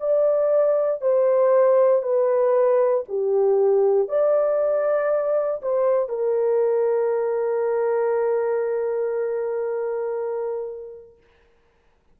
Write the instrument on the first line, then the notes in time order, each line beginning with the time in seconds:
horn
0.00 D5
1.01 C5
2.02 B4
3.08 G4
4.09 D5
5.62 C5
6.09 A#4